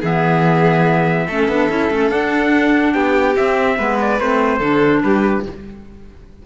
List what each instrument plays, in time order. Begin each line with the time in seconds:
0.00 cello E3, clarinet B3, violin G#4, trumpet E5
1.27 cello A3, clarinet C#4, violin A4
1.48 cello B3, clarinet D4
1.69 cello C#4, clarinet E4
1.90 cello A3, clarinet C#4
2.10 clarinet D4, cello D4, trumpet F#5
2.93 cello B3, violin G4, trumpet G5
3.36 clarinet C4, cello C4, trumpet E5
3.77 cello G#3, clarinet B3, violin B4
4.01 trumpet D5
4.20 cello A3, clarinet C4, trumpet C5
4.58 cello D3, clarinet D4, violin A4
5.03 cello G3, violin G4, trumpet B4